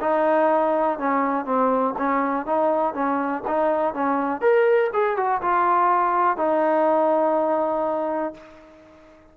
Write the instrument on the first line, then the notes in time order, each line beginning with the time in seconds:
trombone
0.00 D#4
0.98 C#4
1.45 C4
1.98 C#4
2.45 D#4
2.94 C#4
3.47 D#4
3.94 C#4
4.41 A#4
4.93 G#4
5.16 F#4
5.41 F4
6.37 D#4